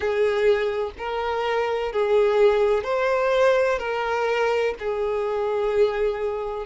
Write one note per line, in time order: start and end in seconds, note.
0.00 0.91 G#4
0.98 1.92 A#4
1.92 2.83 G#4
2.83 3.78 C5
3.78 4.74 A#4
4.79 6.66 G#4